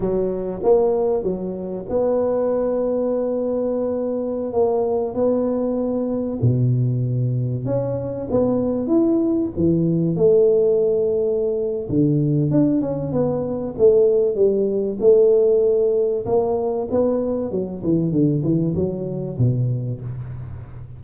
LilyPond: \new Staff \with { instrumentName = "tuba" } { \time 4/4 \tempo 4 = 96 fis4 ais4 fis4 b4~ | b2.~ b16 ais8.~ | ais16 b2 b,4.~ b,16~ | b,16 cis'4 b4 e'4 e8.~ |
e16 a2~ a8. d4 | d'8 cis'8 b4 a4 g4 | a2 ais4 b4 | fis8 e8 d8 e8 fis4 b,4 | }